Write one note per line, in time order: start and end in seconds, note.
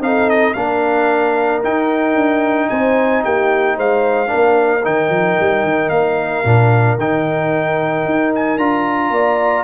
0.00 0.54 C4
0.00 0.54 D#4
0.00 0.55 A4
0.00 0.29 F5
0.29 0.53 D#5
0.53 1.63 A#3
0.53 1.63 D4
0.53 2.69 A#4
0.53 1.61 F5
1.63 4.27 D#4
1.63 2.15 D#4
1.63 2.69 G5
2.15 2.69 D4
2.69 3.24 C4
2.69 3.24 C5
2.69 3.23 G#5
3.24 3.77 A#3
3.24 3.76 G4
3.24 3.78 G5
3.76 4.31 G#3
3.76 4.29 C5
3.76 4.85 F5
4.27 4.80 D4
4.27 9.11 A#4
4.33 4.85 A#3
4.83 5.09 D#3
4.83 6.44 D#4
4.83 5.89 G5
5.09 5.36 F3
5.39 5.64 G3
5.64 5.90 D#3
5.89 6.43 A#3
5.89 6.96 F5
6.44 6.98 A#2
6.44 6.98 D4
6.98 8.05 D#3
6.98 8.59 D#4
6.98 8.33 G5
8.05 8.58 D#4
8.35 8.58 G#5
8.58 9.10 D4
8.58 9.64 F4
8.58 9.64 A#5
9.10 9.64 A#3
9.10 9.64 D5